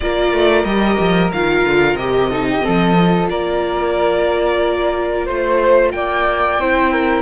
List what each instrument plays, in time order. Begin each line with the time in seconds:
0.00 cello A#3, viola F4, flute A#4, violin D5
0.32 cello A3
0.64 cello G3, viola G4, violin D#5
0.99 cello F3
1.32 cello D#3, viola F4, violin F5
1.65 cello D3
1.94 cello C3, viola G4, violin D#5
2.30 viola D#4, flute A4
2.49 flute G4
2.61 viola C4, flute A4
2.67 cello F3
2.99 viola F4
3.29 cello A#3, flute A#4, violin D5
5.25 cello A3, flute C5, violin C5
5.91 cello A#3, flute D5, violin G5
6.59 cello C4, viola E4, flute C5
6.92 flute A#4